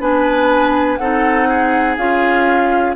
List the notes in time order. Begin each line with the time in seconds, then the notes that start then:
0.00 B3 D4 B4 G#5
0.97 C4 D#4 A4 F#5
1.49 G#4
1.97 C#4 F4 F5